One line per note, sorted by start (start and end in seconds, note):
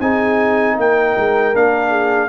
0.00 0.77 C4
0.00 1.54 D#4
0.00 0.75 G#4
0.00 0.78 G#5
0.75 1.15 A#3
0.75 1.90 A#4
0.75 1.56 G5
1.17 1.55 G#3
1.54 2.29 A#3
1.54 2.29 D4
1.54 2.29 F5
1.90 2.28 G#4